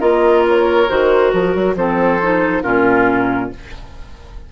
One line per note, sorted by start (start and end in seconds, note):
0.00 0.88 A#3
0.00 0.87 F4
0.00 1.74 A#4
0.00 0.44 D#5
0.48 0.89 C#5
0.89 1.33 D#3
0.89 1.76 F#4
0.89 1.31 C5
1.31 1.55 F3
1.31 1.75 A#4
1.55 1.75 F#3
1.75 2.62 F3
1.75 2.20 C4
1.75 2.63 A4
1.75 2.63 C5
2.22 2.63 D#4
2.63 3.52 A#2
2.63 3.50 C#4
2.63 3.50 F4
2.63 3.50 A#4